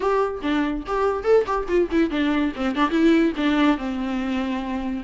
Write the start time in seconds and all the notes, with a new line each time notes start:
0.00 G4
0.42 D4
0.86 G4
1.23 A4
1.46 G4
1.68 F4
1.91 E4
2.10 D4
2.56 C4
2.75 D4
2.90 E4
3.37 D4
3.77 C4